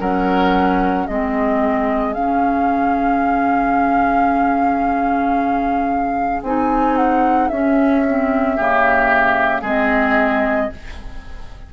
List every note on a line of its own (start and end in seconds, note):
0.00 1.07 F#3
0.00 1.09 C#4
0.00 1.07 A#4
0.00 1.07 F#5
1.07 2.15 G#3
1.07 2.15 C4
1.07 8.56 G#4
1.07 2.13 D#5
2.13 6.43 C#3
2.13 6.44 C#4
2.13 6.42 F5
6.43 7.50 C4
6.43 7.52 D#4
6.43 6.96 G#5
6.96 7.48 F#5
7.48 8.58 C#4
7.48 8.05 C#4
7.48 9.62 E5
8.07 8.58 C4
8.56 9.62 C#3
8.56 9.65 A#3
8.56 9.62 G4
9.62 10.69 G#3
9.62 10.72 C4
9.62 10.69 G#4
9.62 10.73 D#5